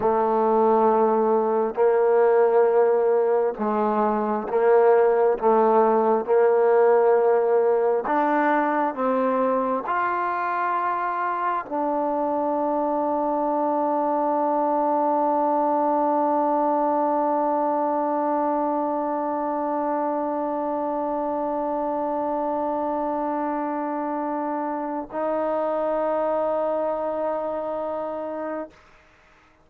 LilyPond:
\new Staff \with { instrumentName = "trombone" } { \time 4/4 \tempo 4 = 67 a2 ais2 | gis4 ais4 a4 ais4~ | ais4 d'4 c'4 f'4~ | f'4 d'2.~ |
d'1~ | d'1~ | d'1 | dis'1 | }